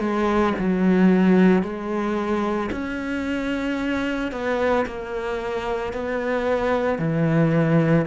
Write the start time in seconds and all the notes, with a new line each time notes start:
0.00 G#3
0.58 F#3
1.63 G#3
2.71 C#4
4.31 B3
4.86 A#3
5.93 B3
6.98 E3